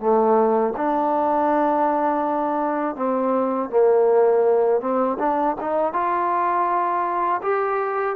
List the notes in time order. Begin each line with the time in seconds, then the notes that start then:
0.00 A3
0.77 D4
2.96 C4
3.70 A#3
4.81 C4
5.19 D4
5.61 D#4
5.93 F4
7.42 G4